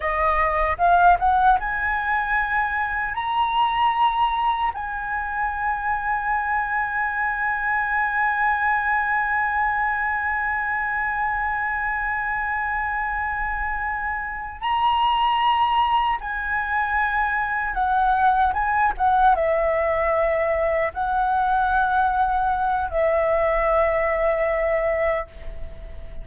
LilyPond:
\new Staff \with { instrumentName = "flute" } { \time 4/4 \tempo 4 = 76 dis''4 f''8 fis''8 gis''2 | ais''2 gis''2~ | gis''1~ | gis''1~ |
gis''2~ gis''8 ais''4.~ | ais''8 gis''2 fis''4 gis''8 | fis''8 e''2 fis''4.~ | fis''4 e''2. | }